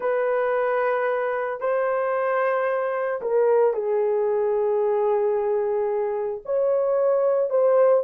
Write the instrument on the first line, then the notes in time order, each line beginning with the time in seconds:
horn
0.00 B4
1.60 C5
3.21 A#4
3.73 G#4
6.45 C#5
7.50 C5